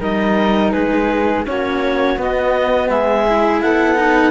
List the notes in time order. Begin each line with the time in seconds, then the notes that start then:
0.00 G3 D#4 A#4 D#5
0.71 G#3 G#4 B4
1.45 A#3 C#4 F#4 C#5
2.17 B3 D#5
2.89 G#3 G#4 E5
3.27 E4
3.61 B3 A4 F#5
3.95 D#4